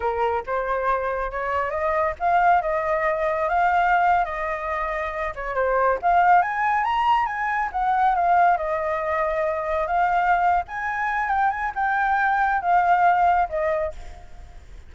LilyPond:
\new Staff \with { instrumentName = "flute" } { \time 4/4 \tempo 4 = 138 ais'4 c''2 cis''4 | dis''4 f''4 dis''2 | f''4.~ f''16 dis''2~ dis''16~ | dis''16 cis''8 c''4 f''4 gis''4 ais''16~ |
ais''8. gis''4 fis''4 f''4 dis''16~ | dis''2~ dis''8. f''4~ f''16~ | f''8 gis''4. g''8 gis''8 g''4~ | g''4 f''2 dis''4 | }